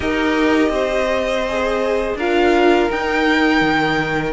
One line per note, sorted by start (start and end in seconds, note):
0.00 0.69 D#4
0.00 1.43 G4
0.00 0.71 A#4
0.00 2.16 D#5
0.69 2.13 C4
0.69 2.17 C5
1.48 2.19 G#4
2.15 2.88 D4
2.15 2.89 F4
2.15 4.32 A#4
2.15 2.90 F5
2.89 4.32 D#4
2.89 3.61 D#4
2.89 4.32 G5
3.61 4.32 D#3